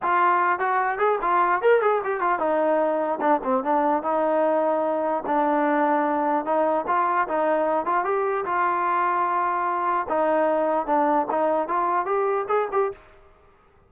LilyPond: \new Staff \with { instrumentName = "trombone" } { \time 4/4 \tempo 4 = 149 f'4. fis'4 gis'8 f'4 | ais'8 gis'8 g'8 f'8 dis'2 | d'8 c'8 d'4 dis'2~ | dis'4 d'2. |
dis'4 f'4 dis'4. f'8 | g'4 f'2.~ | f'4 dis'2 d'4 | dis'4 f'4 g'4 gis'8 g'8 | }